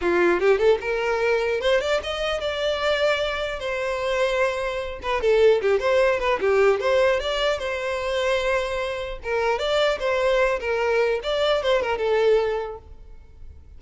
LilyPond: \new Staff \with { instrumentName = "violin" } { \time 4/4 \tempo 4 = 150 f'4 g'8 a'8 ais'2 | c''8 d''8 dis''4 d''2~ | d''4 c''2.~ | c''8 b'8 a'4 g'8 c''4 b'8 |
g'4 c''4 d''4 c''4~ | c''2. ais'4 | d''4 c''4. ais'4. | d''4 c''8 ais'8 a'2 | }